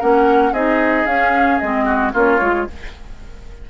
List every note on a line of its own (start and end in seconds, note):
0.00 0.52 A#3
0.00 0.54 C#4
0.00 0.53 A#4
0.00 0.54 F#5
0.52 1.06 C4
0.52 1.07 D#4
0.52 1.86 G#4
0.52 1.07 D#5
1.06 1.59 C#4
1.06 1.62 C#4
1.06 1.59 F5
1.59 2.14 G#3
1.59 2.13 C4
1.59 2.12 D#5
1.86 2.12 F#4
2.13 2.41 A#3
2.13 2.40 C#4
2.13 2.67 F4
2.13 2.70 C#5
2.41 2.67 G#3
2.41 2.68 F4